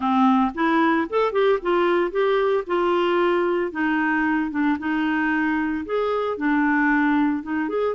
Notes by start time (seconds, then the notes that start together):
0.00 C4
0.54 E4
1.09 A4
1.32 G4
1.61 F4
2.11 G4
2.67 F4
3.71 D#4
4.51 D4
4.79 D#4
5.85 G#4
6.37 D4
7.42 D#4
7.68 G#4